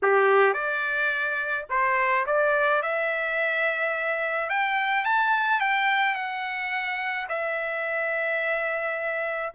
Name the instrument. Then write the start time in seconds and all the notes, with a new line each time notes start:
trumpet
0.02 G4
0.53 D5
1.69 C5
2.26 D5
2.82 E5
4.49 G5
5.04 A5
5.60 G5
6.14 F#5
7.28 E5